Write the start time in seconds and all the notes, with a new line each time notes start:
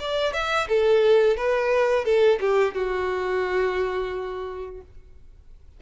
0.00 D5
0.34 E5
0.69 A4
1.37 B4
2.05 A4
2.41 G4
2.75 F#4